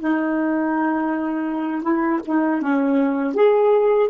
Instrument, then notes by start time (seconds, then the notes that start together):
saxophone
0.00 D#4
1.83 E4
2.26 D#4
2.62 C#4
3.35 G#4